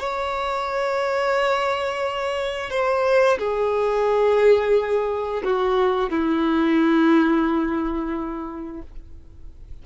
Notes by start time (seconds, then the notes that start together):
0.00 C#5
2.71 C5
3.39 G#4
5.45 F#4
6.10 E4